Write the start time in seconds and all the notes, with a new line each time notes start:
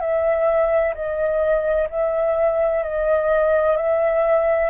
0.00 E5
0.95 D#5
1.90 E5
2.83 D#5
3.77 E5